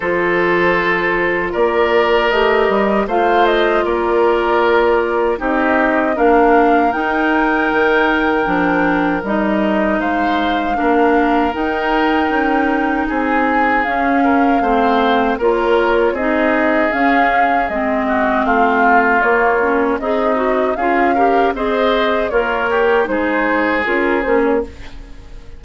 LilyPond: <<
  \new Staff \with { instrumentName = "flute" } { \time 4/4 \tempo 4 = 78 c''2 d''4 dis''4 | f''8 dis''8 d''2 dis''4 | f''4 g''2. | dis''4 f''2 g''4~ |
g''4 gis''4 f''2 | cis''4 dis''4 f''4 dis''4 | f''4 cis''4 dis''4 f''4 | dis''4 cis''4 c''4 ais'8 c''16 cis''16 | }
  \new Staff \with { instrumentName = "oboe" } { \time 4/4 a'2 ais'2 | c''4 ais'2 g'4 | ais'1~ | ais'4 c''4 ais'2~ |
ais'4 gis'4. ais'8 c''4 | ais'4 gis'2~ gis'8 fis'8 | f'2 dis'4 gis'8 ais'8 | c''4 f'8 g'8 gis'2 | }
  \new Staff \with { instrumentName = "clarinet" } { \time 4/4 f'2. g'4 | f'2. dis'4 | d'4 dis'2 d'4 | dis'2 d'4 dis'4~ |
dis'2 cis'4 c'4 | f'4 dis'4 cis'4 c'4~ | c'4 ais8 cis'8 gis'8 fis'8 f'8 g'8 | gis'4 ais'4 dis'4 f'8 cis'8 | }
  \new Staff \with { instrumentName = "bassoon" } { \time 4/4 f2 ais4 a8 g8 | a4 ais2 c'4 | ais4 dis'4 dis4 f4 | g4 gis4 ais4 dis'4 |
cis'4 c'4 cis'4 a4 | ais4 c'4 cis'4 gis4 | a4 ais4 c'4 cis'4 | c'4 ais4 gis4 cis'8 ais8 | }
>>